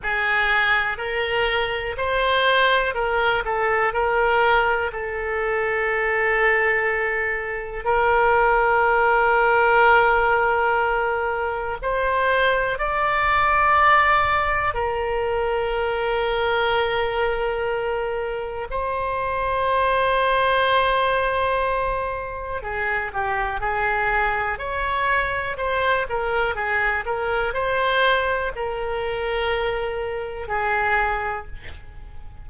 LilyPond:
\new Staff \with { instrumentName = "oboe" } { \time 4/4 \tempo 4 = 61 gis'4 ais'4 c''4 ais'8 a'8 | ais'4 a'2. | ais'1 | c''4 d''2 ais'4~ |
ais'2. c''4~ | c''2. gis'8 g'8 | gis'4 cis''4 c''8 ais'8 gis'8 ais'8 | c''4 ais'2 gis'4 | }